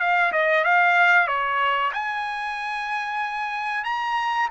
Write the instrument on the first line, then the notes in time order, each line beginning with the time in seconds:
trumpet
0.00 F5
0.33 D#5
0.64 F5
1.28 C#5
1.94 G#5
3.84 A#5